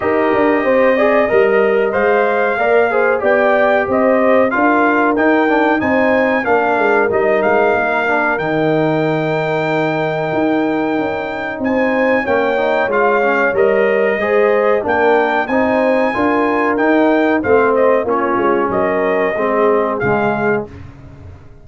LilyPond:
<<
  \new Staff \with { instrumentName = "trumpet" } { \time 4/4 \tempo 4 = 93 dis''2. f''4~ | f''4 g''4 dis''4 f''4 | g''4 gis''4 f''4 dis''8 f''8~ | f''4 g''2.~ |
g''2 gis''4 g''4 | f''4 dis''2 g''4 | gis''2 g''4 f''8 dis''8 | cis''4 dis''2 f''4 | }
  \new Staff \with { instrumentName = "horn" } { \time 4/4 ais'4 c''8 d''8 dis''2 | d''8 c''8 d''4 c''4 ais'4~ | ais'4 c''4 ais'2~ | ais'1~ |
ais'2 c''4 cis''4~ | cis''2 c''4 ais'4 | c''4 ais'2 c''4 | f'4 ais'4 gis'2 | }
  \new Staff \with { instrumentName = "trombone" } { \time 4/4 g'4. gis'8 ais'4 c''4 | ais'8 gis'8 g'2 f'4 | dis'8 d'8 dis'4 d'4 dis'4~ | dis'8 d'8 dis'2.~ |
dis'2. cis'8 dis'8 | f'8 cis'8 ais'4 gis'4 d'4 | dis'4 f'4 dis'4 c'4 | cis'2 c'4 gis4 | }
  \new Staff \with { instrumentName = "tuba" } { \time 4/4 dis'8 d'8 c'4 g4 gis4 | ais4 b4 c'4 d'4 | dis'4 c'4 ais8 gis8 g8 gis8 | ais4 dis2. |
dis'4 cis'4 c'4 ais4 | gis4 g4 gis4 ais4 | c'4 d'4 dis'4 a4 | ais8 gis8 fis4 gis4 cis4 | }
>>